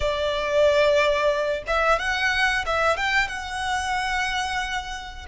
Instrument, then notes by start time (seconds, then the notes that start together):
violin
0.00 D5
1.67 E5
1.98 F#5
2.66 E5
2.96 G5
3.28 F#5